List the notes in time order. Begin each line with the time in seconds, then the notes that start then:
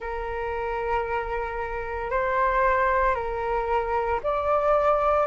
0.00 A#4
2.10 C5
3.14 A#4
4.23 D5